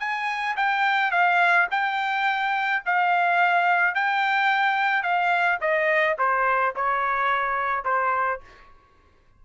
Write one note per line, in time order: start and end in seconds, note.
0.00 0.56 G#5
0.57 1.11 G5
1.11 1.67 F5
1.71 2.83 G5
2.86 3.95 F5
3.95 5.03 G5
5.03 5.59 F5
5.61 6.17 D#5
6.19 6.75 C5
6.76 7.85 C#5
7.85 8.41 C5